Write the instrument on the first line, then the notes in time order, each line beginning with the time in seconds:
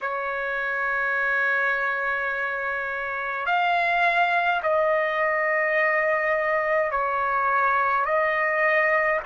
trumpet
0.01 C#5
3.46 F5
4.63 D#5
6.91 C#5
8.05 D#5